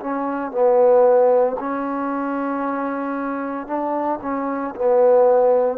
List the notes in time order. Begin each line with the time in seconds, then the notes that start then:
0.00 C#4
0.51 B3
1.59 C#4
3.67 D4
4.22 C#4
4.75 B3